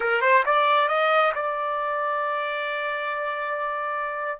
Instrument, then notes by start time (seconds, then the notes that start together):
trumpet
0.00 A#4
0.21 C5
0.45 D5
0.88 D#5
1.34 D5